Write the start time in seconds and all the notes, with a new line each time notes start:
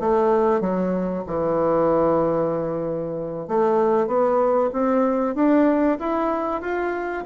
0.00 A3
0.61 F#3
1.27 E3
3.48 A3
4.07 B3
4.73 C4
5.35 D4
5.99 E4
6.61 F4